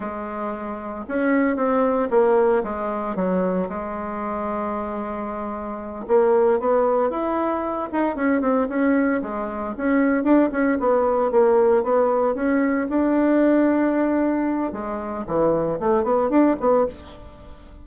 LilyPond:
\new Staff \with { instrumentName = "bassoon" } { \time 4/4 \tempo 4 = 114 gis2 cis'4 c'4 | ais4 gis4 fis4 gis4~ | gis2.~ gis8 ais8~ | ais8 b4 e'4. dis'8 cis'8 |
c'8 cis'4 gis4 cis'4 d'8 | cis'8 b4 ais4 b4 cis'8~ | cis'8 d'2.~ d'8 | gis4 e4 a8 b8 d'8 b8 | }